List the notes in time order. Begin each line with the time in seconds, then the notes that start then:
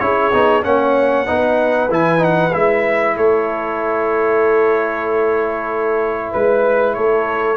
0.00 C#4 E4 G#4 C#5
0.33 B3 D#4
0.64 A#3 C#4 C#5 F#5
1.26 B3 D#4 B4
1.90 E3 E4 G#5
2.19 D#4 F#5
2.53 G#3 E4 E5
3.17 A3 A4 C#5
6.31 G#3 B4
6.94 A3 A4 C#5